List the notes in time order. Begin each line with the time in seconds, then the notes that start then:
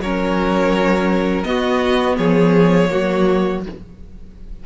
0.00 F#3 C#4 A#4 C#5
1.44 B3 F#4 D#5
2.18 F3 G#4 C#5
2.89 F#3 A#3 F#4